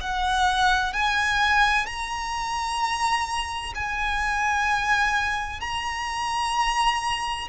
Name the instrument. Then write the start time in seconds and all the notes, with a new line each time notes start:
violin
0.00 F#5
0.93 G#5
1.86 A#5
3.75 G#5
5.60 A#5